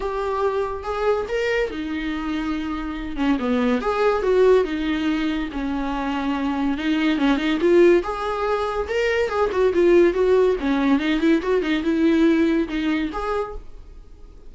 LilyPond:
\new Staff \with { instrumentName = "viola" } { \time 4/4 \tempo 4 = 142 g'2 gis'4 ais'4 | dis'2.~ dis'8 cis'8 | b4 gis'4 fis'4 dis'4~ | dis'4 cis'2. |
dis'4 cis'8 dis'8 f'4 gis'4~ | gis'4 ais'4 gis'8 fis'8 f'4 | fis'4 cis'4 dis'8 e'8 fis'8 dis'8 | e'2 dis'4 gis'4 | }